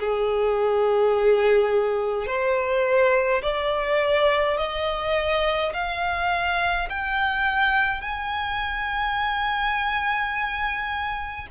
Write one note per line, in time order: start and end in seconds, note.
0.00 2.27 G#4
2.27 3.42 C5
3.43 4.58 D5
4.58 5.73 D#5
5.74 6.89 F5
6.90 8.01 G5
8.01 11.48 G#5